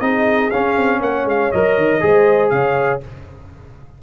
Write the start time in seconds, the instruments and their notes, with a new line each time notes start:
0.00 tuba C4, trombone D#4, horn G#4, trumpet D#5
0.50 trombone C#4, tuba C#4, trumpet F5
0.77 tuba C4
0.99 tuba A#3, horn C#5, trumpet F#5
1.24 tuba G#3, trumpet F5
1.51 tuba F#3, trombone A#4, trumpet D#5
1.77 tuba D#3
2.00 tuba G#3, trombone G#4, horn C5
2.49 tuba C#3, horn C#5, trumpet F5